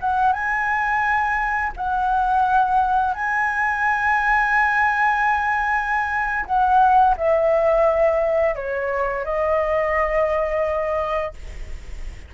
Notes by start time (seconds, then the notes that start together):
0.00 F#5
0.32 G#5
1.76 F#5
3.14 G#5
6.45 F#5
7.17 E5
8.55 C#5
9.24 D#5